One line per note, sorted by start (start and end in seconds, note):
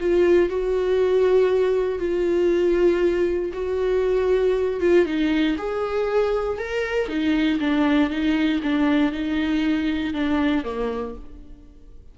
0.00 0.49 F4
0.49 1.99 F#4
1.99 3.52 F4
3.53 4.80 F#4
4.80 5.06 F4
5.06 5.57 D#4
5.58 6.59 G#4
6.59 7.08 A#4
7.08 7.59 D#4
7.60 8.10 D4
8.10 8.61 D#4
8.63 9.12 D4
9.12 10.14 D#4
10.14 10.64 D4
10.64 11.15 A#3